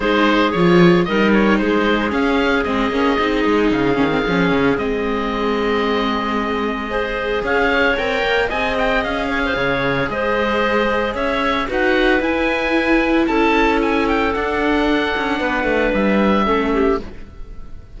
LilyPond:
<<
  \new Staff \with { instrumentName = "oboe" } { \time 4/4 \tempo 4 = 113 c''4 cis''4 dis''8 cis''8 c''4 | f''4 dis''2 f''4~ | f''4 dis''2.~ | dis''2 f''4 g''4 |
gis''8 g''8 f''2 dis''4~ | dis''4 e''4 fis''4 gis''4~ | gis''4 a''4 gis''8 g''8 fis''4~ | fis''2 e''2 | }
  \new Staff \with { instrumentName = "clarinet" } { \time 4/4 gis'2 ais'4 gis'4~ | gis'1~ | gis'1~ | gis'4 c''4 cis''2 |
dis''4. cis''16 c''16 cis''4 c''4~ | c''4 cis''4 b'2~ | b'4 a'2.~ | a'4 b'2 a'8 g'8 | }
  \new Staff \with { instrumentName = "viola" } { \time 4/4 dis'4 f'4 dis'2 | cis'4 c'8 cis'8 dis'4. cis'16 c'16 | cis'4 c'2.~ | c'4 gis'2 ais'4 |
gis'1~ | gis'2 fis'4 e'4~ | e'2. d'4~ | d'2. cis'4 | }
  \new Staff \with { instrumentName = "cello" } { \time 4/4 gis4 f4 g4 gis4 | cis'4 gis8 ais8 c'8 gis8 cis8 dis8 | f8 cis8 gis2.~ | gis2 cis'4 c'8 ais8 |
c'4 cis'4 cis4 gis4~ | gis4 cis'4 dis'4 e'4~ | e'4 cis'2 d'4~ | d'8 cis'8 b8 a8 g4 a4 | }
>>